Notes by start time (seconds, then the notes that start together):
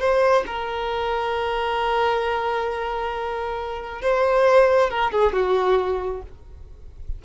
0.00 C5
0.47 A#4
4.02 C5
4.90 A#4
5.12 G#4
5.33 F#4